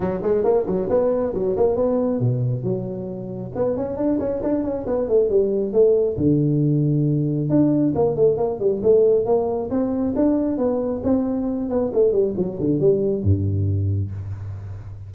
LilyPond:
\new Staff \with { instrumentName = "tuba" } { \time 4/4 \tempo 4 = 136 fis8 gis8 ais8 fis8 b4 fis8 ais8 | b4 b,4 fis2 | b8 cis'8 d'8 cis'8 d'8 cis'8 b8 a8 | g4 a4 d2~ |
d4 d'4 ais8 a8 ais8 g8 | a4 ais4 c'4 d'4 | b4 c'4. b8 a8 g8 | fis8 d8 g4 g,2 | }